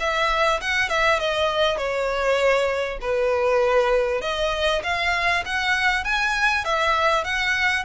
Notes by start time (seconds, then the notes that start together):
0.00 E5
0.61 F#5
0.89 E5
1.20 D#5
1.78 C#5
3.01 B4
4.21 D#5
4.83 F5
5.45 F#5
6.04 G#5
6.65 E5
7.24 F#5